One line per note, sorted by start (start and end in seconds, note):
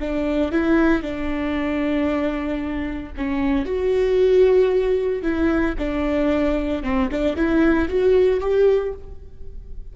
0.00 0.52 D4
0.52 1.02 E4
1.02 3.13 D4
3.17 3.66 C#4
3.66 5.23 F#4
5.23 5.75 E4
5.78 6.83 D4
6.83 7.10 C4
7.11 7.36 D4
7.36 7.89 E4
7.89 8.40 F#4
8.40 8.93 G4